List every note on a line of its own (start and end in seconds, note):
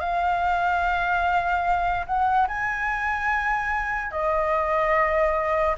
0.00 2.05 F5
2.06 2.47 F#5
2.48 4.11 G#5
4.11 5.75 D#5